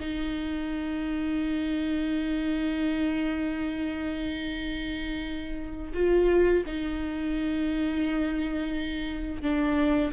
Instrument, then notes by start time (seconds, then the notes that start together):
viola
0.00 D#4
5.95 F4
6.67 D#4
9.42 D4